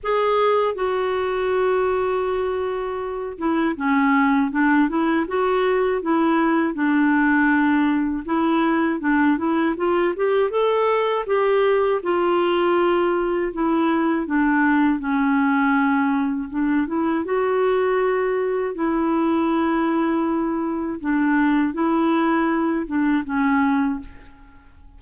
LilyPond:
\new Staff \with { instrumentName = "clarinet" } { \time 4/4 \tempo 4 = 80 gis'4 fis'2.~ | fis'8 e'8 cis'4 d'8 e'8 fis'4 | e'4 d'2 e'4 | d'8 e'8 f'8 g'8 a'4 g'4 |
f'2 e'4 d'4 | cis'2 d'8 e'8 fis'4~ | fis'4 e'2. | d'4 e'4. d'8 cis'4 | }